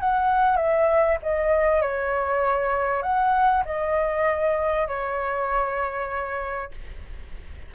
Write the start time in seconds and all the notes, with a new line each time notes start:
0.00 F#5
0.56 E5
1.22 D#5
1.81 C#5
3.02 F#5
3.65 D#5
4.88 C#5